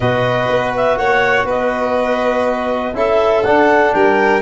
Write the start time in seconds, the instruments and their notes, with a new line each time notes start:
0.00 tuba B2, trombone F#4, violin B4, clarinet D#5
0.48 tuba B3
0.76 clarinet E5
0.97 tuba A#3, violin C#5, clarinet F#5
1.44 tuba B3, violin B4, clarinet D#5
2.94 tuba C#4, trombone E4, violin A4, clarinet E5
3.43 tuba D4, trombone D4, clarinet F#5
3.92 tuba G3, violin A#4, clarinet G5